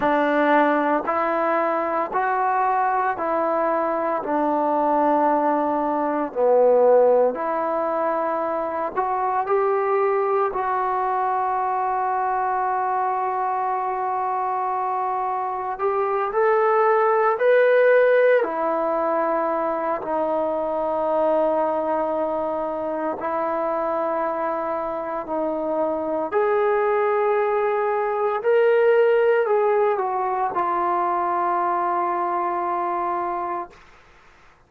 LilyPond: \new Staff \with { instrumentName = "trombone" } { \time 4/4 \tempo 4 = 57 d'4 e'4 fis'4 e'4 | d'2 b4 e'4~ | e'8 fis'8 g'4 fis'2~ | fis'2. g'8 a'8~ |
a'8 b'4 e'4. dis'4~ | dis'2 e'2 | dis'4 gis'2 ais'4 | gis'8 fis'8 f'2. | }